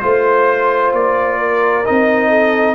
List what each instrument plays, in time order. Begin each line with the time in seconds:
0.00 tuba A3, trombone F4, trumpet C5, horn C5
0.93 tuba A#3, trumpet D5
1.38 horn A#4
1.85 tuba C4, trombone D#4, trumpet D#5
2.29 horn A4